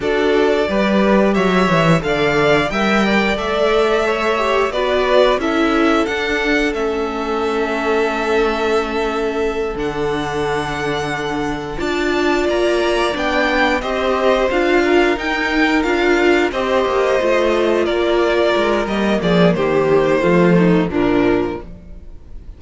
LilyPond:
<<
  \new Staff \with { instrumentName = "violin" } { \time 4/4 \tempo 4 = 89 d''2 e''4 f''4 | g''4 e''2 d''4 | e''4 fis''4 e''2~ | e''2~ e''8 fis''4.~ |
fis''4. a''4 ais''4 g''8~ | g''8 dis''4 f''4 g''4 f''8~ | f''8 dis''2 d''4. | dis''8 d''8 c''2 ais'4 | }
  \new Staff \with { instrumentName = "violin" } { \time 4/4 a'4 b'4 cis''4 d''4 | e''8 d''4. cis''4 b'4 | a'1~ | a'1~ |
a'4. d''2~ d''8~ | d''8 c''4. ais'2~ | ais'8 c''2 ais'4.~ | ais'8 gis'8 g'4 f'8 dis'8 d'4 | }
  \new Staff \with { instrumentName = "viola" } { \time 4/4 fis'4 g'2 a'4 | ais'4 a'4. g'8 fis'4 | e'4 d'4 cis'2~ | cis'2~ cis'8 d'4.~ |
d'4. f'2 d'8~ | d'8 g'4 f'4 dis'4 f'8~ | f'8 g'4 f'2~ f'8 | ais2 a4 f4 | }
  \new Staff \with { instrumentName = "cello" } { \time 4/4 d'4 g4 fis8 e8 d4 | g4 a2 b4 | cis'4 d'4 a2~ | a2~ a8 d4.~ |
d4. d'4 ais4 b8~ | b8 c'4 d'4 dis'4 d'8~ | d'8 c'8 ais8 a4 ais4 gis8 | g8 f8 dis4 f4 ais,4 | }
>>